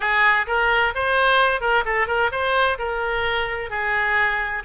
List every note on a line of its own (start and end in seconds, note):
0.00 0.46 G#4
0.47 0.93 A#4
0.94 1.60 C5
1.60 1.84 A#4
1.85 2.07 A4
2.07 2.30 A#4
2.31 2.78 C5
2.78 3.70 A#4
3.70 4.63 G#4